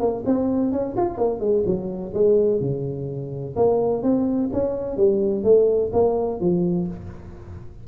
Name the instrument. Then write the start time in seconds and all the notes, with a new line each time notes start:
tuba
0.00 A#3
0.25 C4
0.72 C#4
0.97 F4
1.17 A#3
1.40 G#3
1.66 F#3
2.14 G#3
2.60 C#3
3.56 A#3
4.03 C4
4.53 C#4
4.97 G3
5.44 A3
5.93 A#3
6.40 F3